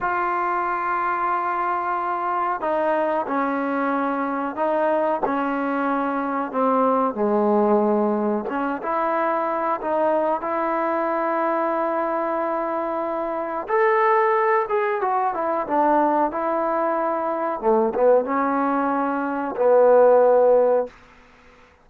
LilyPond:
\new Staff \with { instrumentName = "trombone" } { \time 4/4 \tempo 4 = 92 f'1 | dis'4 cis'2 dis'4 | cis'2 c'4 gis4~ | gis4 cis'8 e'4. dis'4 |
e'1~ | e'4 a'4. gis'8 fis'8 e'8 | d'4 e'2 a8 b8 | cis'2 b2 | }